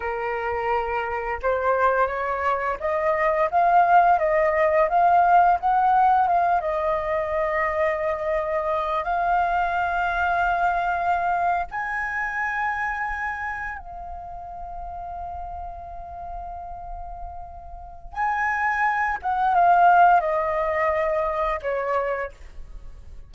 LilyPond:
\new Staff \with { instrumentName = "flute" } { \time 4/4 \tempo 4 = 86 ais'2 c''4 cis''4 | dis''4 f''4 dis''4 f''4 | fis''4 f''8 dis''2~ dis''8~ | dis''4 f''2.~ |
f''8. gis''2. f''16~ | f''1~ | f''2 gis''4. fis''8 | f''4 dis''2 cis''4 | }